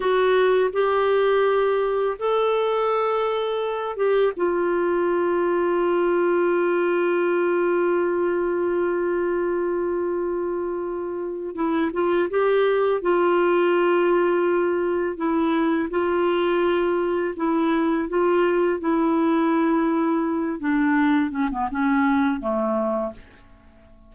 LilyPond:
\new Staff \with { instrumentName = "clarinet" } { \time 4/4 \tempo 4 = 83 fis'4 g'2 a'4~ | a'4. g'8 f'2~ | f'1~ | f'1 |
e'8 f'8 g'4 f'2~ | f'4 e'4 f'2 | e'4 f'4 e'2~ | e'8 d'4 cis'16 b16 cis'4 a4 | }